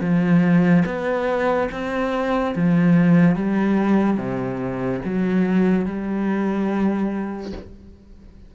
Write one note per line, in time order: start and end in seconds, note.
0.00 0.83 F3
0.85 1.69 B3
1.71 2.55 C4
2.55 3.35 F3
3.35 4.17 G3
4.17 5.00 C3
5.05 5.85 F#3
5.85 7.52 G3